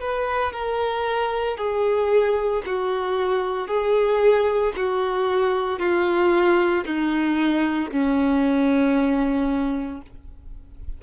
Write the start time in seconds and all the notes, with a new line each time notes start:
0.00 B4
0.52 A#4
1.57 G#4
2.66 F#4
3.67 G#4
4.76 F#4
5.79 F4
6.85 D#4
7.91 C#4